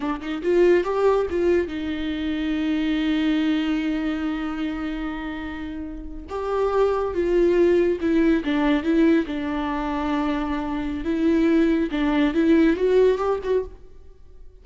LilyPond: \new Staff \with { instrumentName = "viola" } { \time 4/4 \tempo 4 = 141 d'8 dis'8 f'4 g'4 f'4 | dis'1~ | dis'1~ | dis'2~ dis'8. g'4~ g'16~ |
g'8. f'2 e'4 d'16~ | d'8. e'4 d'2~ d'16~ | d'2 e'2 | d'4 e'4 fis'4 g'8 fis'8 | }